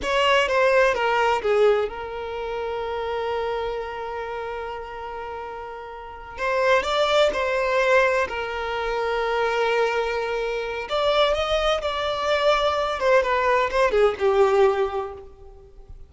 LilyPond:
\new Staff \with { instrumentName = "violin" } { \time 4/4 \tempo 4 = 127 cis''4 c''4 ais'4 gis'4 | ais'1~ | ais'1~ | ais'4. c''4 d''4 c''8~ |
c''4. ais'2~ ais'8~ | ais'2. d''4 | dis''4 d''2~ d''8 c''8 | b'4 c''8 gis'8 g'2 | }